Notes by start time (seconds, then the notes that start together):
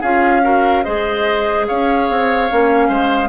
0.00 C#4 F4 G#4 F5
0.42 F#4 A#4
0.83 G#3 G#4 C5 D#5
1.67 C#4 C#5 F5
2.09 C4
2.49 A#3 C#4
2.88 G#3 C5